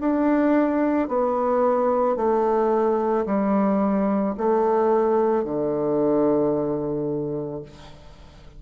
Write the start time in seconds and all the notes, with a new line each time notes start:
0.00 D4
1.08 B3
2.16 A3
3.26 G3
4.37 A3
5.44 D3